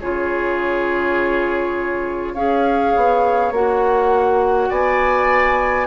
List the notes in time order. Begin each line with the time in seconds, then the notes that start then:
0.00 C#3 F4 G#4 C#5
2.33 C#4 G#4 C#5 F5
2.96 B3
3.51 A#3 F#4 F#5
4.69 B3 D5 G#5